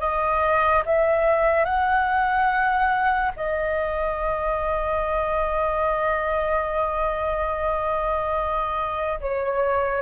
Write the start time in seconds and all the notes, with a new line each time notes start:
0.00 D#5
0.86 E5
1.65 F#5
3.36 D#5
9.20 C#5